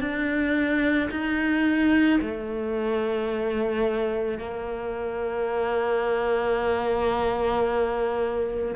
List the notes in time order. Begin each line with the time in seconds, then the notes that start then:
0.00 D4
1.11 D#4
2.22 A3
4.39 A#3